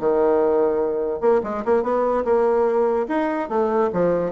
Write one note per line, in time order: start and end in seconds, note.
0.00 1.21 D#3
1.21 1.41 A#3
1.44 1.64 G#3
1.65 1.83 A#3
1.83 2.24 B3
2.25 3.07 A#3
3.08 3.49 D#4
3.49 3.90 A3
3.93 4.32 F3